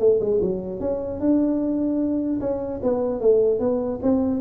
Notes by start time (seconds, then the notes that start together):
0.00 A3
0.21 G#3
0.41 F#3
0.81 C#4
1.21 D4
2.41 C#4
2.83 B3
3.21 A3
3.60 B3
4.03 C4